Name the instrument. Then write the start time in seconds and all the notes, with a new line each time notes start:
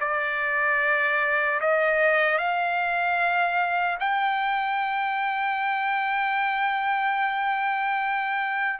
trumpet
0.00 D5
1.60 D#5
2.38 F5
4.00 G5